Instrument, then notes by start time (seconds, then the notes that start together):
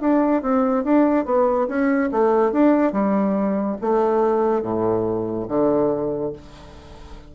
bassoon
0.00 D4
0.41 C4
0.84 D4
1.25 B3
1.67 C#4
2.11 A3
2.52 D4
2.92 G3
3.81 A3
4.62 A2
5.48 D3